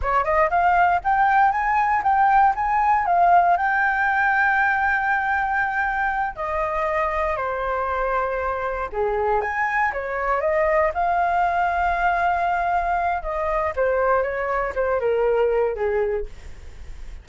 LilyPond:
\new Staff \with { instrumentName = "flute" } { \time 4/4 \tempo 4 = 118 cis''8 dis''8 f''4 g''4 gis''4 | g''4 gis''4 f''4 g''4~ | g''1~ | g''8 dis''2 c''4.~ |
c''4. gis'4 gis''4 cis''8~ | cis''8 dis''4 f''2~ f''8~ | f''2 dis''4 c''4 | cis''4 c''8 ais'4. gis'4 | }